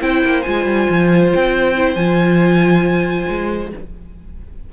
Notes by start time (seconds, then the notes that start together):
0.00 C4 E4 C5 G5
0.24 A#3
0.42 G#3 F4 G#5
0.65 G3
0.89 F3
1.34 C4 G5
1.76 E4
1.95 F3 F4 G#5
3.29 G#3